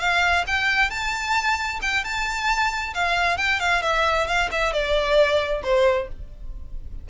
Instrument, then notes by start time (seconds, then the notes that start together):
violin
0.00 F5
0.47 G5
0.90 A5
1.82 G5
2.05 A5
2.94 F5
3.38 G5
3.60 F5
3.82 E5
4.27 F5
4.52 E5
4.73 D5
5.64 C5